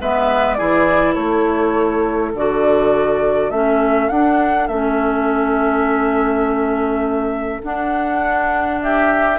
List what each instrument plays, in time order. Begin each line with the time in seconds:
0.00 bassoon G#3, clarinet B3, oboe B4, flute E5
0.54 bassoon E3, clarinet E4, oboe G#4, flute D5
1.13 bassoon A3, oboe A4, flute C#5
2.34 bassoon D3, clarinet F#4, flute D5
3.49 bassoon A3, clarinet C#4, flute E5
4.08 bassoon D4, clarinet D4, flute F#5
4.67 bassoon A3, clarinet C#4, flute E5
7.63 clarinet D4, bassoon D4, flute F#5
8.81 oboe G4, flute E5